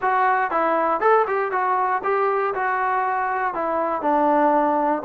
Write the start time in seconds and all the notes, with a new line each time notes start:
0.01 F#4
0.50 E4
1.00 A4
1.27 G4
1.51 F#4
2.03 G4
2.54 F#4
3.54 E4
4.01 D4